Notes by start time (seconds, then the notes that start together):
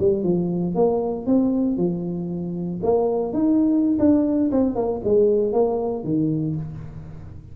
0.00 G3
0.24 F3
0.75 A#3
1.26 C4
1.77 F3
2.83 A#3
3.33 D#4
3.99 D4
4.52 C4
4.76 A#3
5.05 G#3
5.53 A#3
6.04 D#3